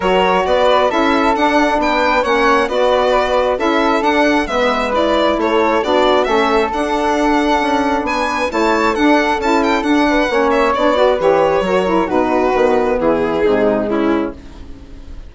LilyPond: <<
  \new Staff \with { instrumentName = "violin" } { \time 4/4 \tempo 4 = 134 cis''4 d''4 e''4 fis''4 | g''4 fis''4 d''2 | e''4 fis''4 e''4 d''4 | cis''4 d''4 e''4 fis''4~ |
fis''2 gis''4 a''4 | fis''4 a''8 g''8 fis''4. e''8 | d''4 cis''2 b'4~ | b'4 gis'2 e'4 | }
  \new Staff \with { instrumentName = "flute" } { \time 4/4 ais'4 b'4 a'2 | b'4 cis''4 b'2 | a'2 b'2 | a'4 fis'4 a'2~ |
a'2 b'4 cis''4 | a'2~ a'8 b'8 cis''4~ | cis''8 b'4. ais'4 fis'4~ | fis'4 e'4 dis'4 cis'4 | }
  \new Staff \with { instrumentName = "saxophone" } { \time 4/4 fis'2 e'4 d'4~ | d'4 cis'4 fis'2 | e'4 d'4 b4 e'4~ | e'4 d'4 cis'4 d'4~ |
d'2. e'4 | d'4 e'4 d'4 cis'4 | d'8 fis'8 g'4 fis'8 e'8 dis'4 | b2 gis2 | }
  \new Staff \with { instrumentName = "bassoon" } { \time 4/4 fis4 b4 cis'4 d'4 | b4 ais4 b2 | cis'4 d'4 gis2 | a4 b4 a4 d'4~ |
d'4 cis'4 b4 a4 | d'4 cis'4 d'4 ais4 | b4 e4 fis4 b,4 | dis4 e4 c4 cis4 | }
>>